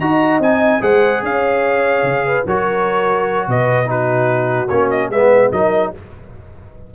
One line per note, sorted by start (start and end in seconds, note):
0.00 0.39 D#4
0.00 0.42 F#4
0.00 0.82 D#5
0.00 0.41 A#5
0.39 0.80 C4
0.39 0.81 D#4
0.39 0.82 G#5
0.81 1.23 G#3
0.81 2.44 G#4
0.81 1.22 C5
0.81 1.23 F#5
1.23 2.03 C#4
1.23 2.26 C#5
1.23 2.47 F5
2.03 2.44 C#3
2.26 2.46 B4
2.46 3.48 F#3
2.46 3.86 F#4
2.46 3.48 A#4
2.46 3.50 C#5
3.48 4.70 B2
3.48 3.88 B4
3.48 3.90 D#5
3.86 4.67 D#4
3.86 5.10 F#4
3.86 4.68 B4
4.68 5.10 A#3
4.68 5.13 C#4
4.68 4.89 C#5
4.91 5.11 D#5
5.10 5.51 G#3
5.10 5.54 B3
5.10 5.52 B4
5.10 5.52 E5
5.52 5.93 F#3
5.52 5.95 D#4
5.52 5.93 A#4
5.52 5.93 D#5